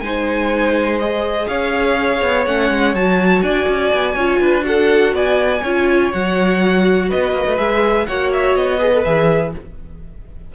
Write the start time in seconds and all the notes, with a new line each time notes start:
0.00 G#3 D#4 C5 G#5
0.99 G#4 D#5
1.48 C#4 C#5 F5
2.22 B3
2.47 A3 C#4 F#5
2.70 G#3
2.95 F#3 F#4 A5
3.42 D4 D5 G#5
3.68 C#4
3.94 B3
4.15 C#4 F4 C#5
4.40 D4 B4
4.61 F#4 F#5
4.68 A4
5.13 B3 D5 G#5
5.63 C#4 F4 C#5
6.12 F#3 F#4 F#5
7.09 B3 B4 D#5
7.32 A#3
7.46 A3
7.57 G#3 G#4 E5
8.06 A#3 F#4 C#5 F#5
8.33 E5
8.56 B3 D#5
8.79 G#4 B4
8.93 A4
9.04 E3 G#4 E5